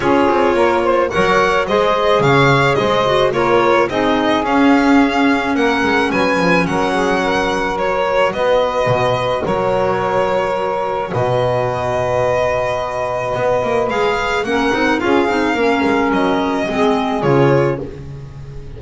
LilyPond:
<<
  \new Staff \with { instrumentName = "violin" } { \time 4/4 \tempo 4 = 108 cis''2 fis''4 dis''4 | f''4 dis''4 cis''4 dis''4 | f''2 fis''4 gis''4 | fis''2 cis''4 dis''4~ |
dis''4 cis''2. | dis''1~ | dis''4 f''4 fis''4 f''4~ | f''4 dis''2 cis''4 | }
  \new Staff \with { instrumentName = "saxophone" } { \time 4/4 gis'4 ais'8 c''8 cis''4 c''4 | cis''4 c''4 ais'4 gis'4~ | gis'2 ais'4 b'4 | ais'8 gis'8 ais'2 b'4~ |
b'4 ais'2. | b'1~ | b'2 ais'4 gis'4 | ais'2 gis'2 | }
  \new Staff \with { instrumentName = "clarinet" } { \time 4/4 f'2 ais'4 gis'4~ | gis'4. fis'8 f'4 dis'4 | cis'1~ | cis'2 fis'2~ |
fis'1~ | fis'1~ | fis'4 gis'4 cis'8 dis'8 f'8 dis'8 | cis'2 c'4 f'4 | }
  \new Staff \with { instrumentName = "double bass" } { \time 4/4 cis'8 c'8 ais4 fis4 gis4 | cis4 gis4 ais4 c'4 | cis'2 ais8 gis8 fis8 f8 | fis2. b4 |
b,4 fis2. | b,1 | b8 ais8 gis4 ais8 c'8 cis'8 c'8 | ais8 gis8 fis4 gis4 cis4 | }
>>